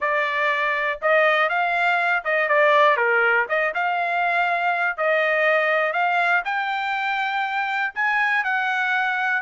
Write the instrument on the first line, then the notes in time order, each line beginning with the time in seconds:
trumpet
0.00 D5
1.01 D#5
1.49 F5
2.24 D#5
2.48 D5
2.97 A#4
3.48 D#5
3.74 F5
4.97 D#5
5.93 F5
6.44 G5
7.94 G#5
8.43 F#5